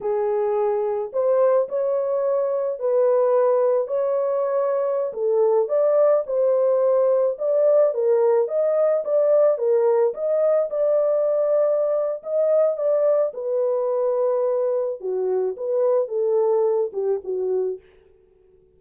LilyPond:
\new Staff \with { instrumentName = "horn" } { \time 4/4 \tempo 4 = 108 gis'2 c''4 cis''4~ | cis''4 b'2 cis''4~ | cis''4~ cis''16 a'4 d''4 c''8.~ | c''4~ c''16 d''4 ais'4 dis''8.~ |
dis''16 d''4 ais'4 dis''4 d''8.~ | d''2 dis''4 d''4 | b'2. fis'4 | b'4 a'4. g'8 fis'4 | }